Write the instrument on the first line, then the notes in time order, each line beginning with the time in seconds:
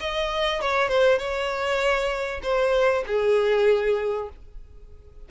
violin
0.00 D#5
0.62 C#5
0.88 C5
1.19 C#5
2.43 C5
3.07 G#4